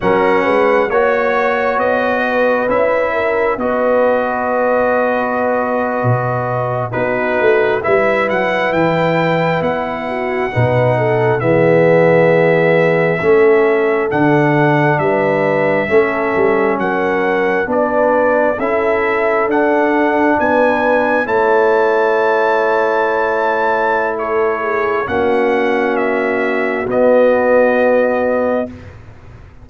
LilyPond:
<<
  \new Staff \with { instrumentName = "trumpet" } { \time 4/4 \tempo 4 = 67 fis''4 cis''4 dis''4 e''4 | dis''2.~ dis''8. b'16~ | b'8. e''8 fis''8 g''4 fis''4~ fis''16~ | fis''8. e''2. fis''16~ |
fis''8. e''2 fis''4 d''16~ | d''8. e''4 fis''4 gis''4 a''16~ | a''2. cis''4 | fis''4 e''4 dis''2 | }
  \new Staff \with { instrumentName = "horn" } { \time 4/4 ais'8 b'8 cis''4. b'4 ais'8 | b'2.~ b'8. fis'16~ | fis'8. b'2~ b'8 fis'8 b'16~ | b'16 a'8 gis'2 a'4~ a'16~ |
a'8. b'4 a'4 ais'4 b'16~ | b'8. a'2 b'4 cis''16~ | cis''2. a'8 gis'8 | fis'1 | }
  \new Staff \with { instrumentName = "trombone" } { \time 4/4 cis'4 fis'2 e'4 | fis'2.~ fis'8. dis'16~ | dis'8. e'2. dis'16~ | dis'8. b2 cis'4 d'16~ |
d'4.~ d'16 cis'2 d'16~ | d'8. e'4 d'2 e'16~ | e'1 | cis'2 b2 | }
  \new Staff \with { instrumentName = "tuba" } { \time 4/4 fis8 gis8 ais4 b4 cis'4 | b2~ b8. b,4 b16~ | b16 a8 g8 fis8 e4 b4 b,16~ | b,8. e2 a4 d16~ |
d8. g4 a8 g8 fis4 b16~ | b8. cis'4 d'4 b4 a16~ | a1 | ais2 b2 | }
>>